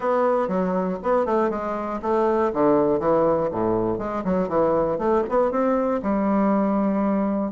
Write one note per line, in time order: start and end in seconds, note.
0.00 0.48 B3
0.48 0.98 F#3
1.02 1.25 B3
1.25 1.50 A3
1.50 2.00 G#3
2.01 2.51 A3
2.53 2.99 D3
2.99 3.49 E3
3.51 3.98 A2
3.98 4.23 G#3
4.24 4.48 F#3
4.48 4.98 E3
4.98 5.23 A3
5.29 5.51 B3
5.51 6.01 C4
6.02 7.52 G3